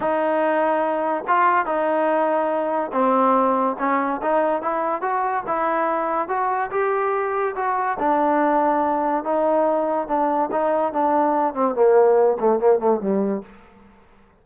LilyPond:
\new Staff \with { instrumentName = "trombone" } { \time 4/4 \tempo 4 = 143 dis'2. f'4 | dis'2. c'4~ | c'4 cis'4 dis'4 e'4 | fis'4 e'2 fis'4 |
g'2 fis'4 d'4~ | d'2 dis'2 | d'4 dis'4 d'4. c'8 | ais4. a8 ais8 a8 g4 | }